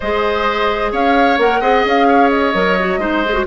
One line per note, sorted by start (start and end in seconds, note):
0.00 0.92 G#3
0.00 1.39 G#4
0.00 0.92 C5
0.00 0.92 D#5
0.92 1.38 C#4
0.92 1.60 C#5
0.92 1.39 F5
1.38 1.61 A#3
1.38 1.62 A#4
1.38 1.85 F#5
1.60 1.84 C4
1.60 2.54 G#4
1.60 2.06 D#5
1.85 2.54 C#4
1.85 2.29 F5
2.08 3.00 C#5
2.29 3.44 D#5
2.54 2.97 F#3
2.54 2.77 A#4
2.79 3.00 F#4
2.97 3.43 G#3
2.97 3.23 D#4
2.97 3.46 C5
3.24 3.33 G#4
3.33 3.45 F#4